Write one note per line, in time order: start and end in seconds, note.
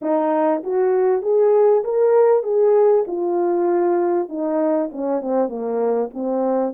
0.01 0.62 D#4
0.63 1.22 F#4
1.22 1.83 G#4
1.84 2.43 A#4
2.43 3.04 G#4
3.07 4.28 F4
4.28 4.90 D#4
4.92 5.21 C#4
5.21 5.49 C4
5.49 6.10 A#3
6.13 6.73 C4